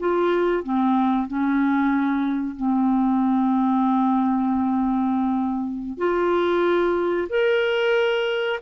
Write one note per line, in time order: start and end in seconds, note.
0.00 0.63 F4
0.63 1.28 C4
1.28 2.56 C#4
2.56 5.98 C4
5.98 7.28 F4
7.29 8.60 A#4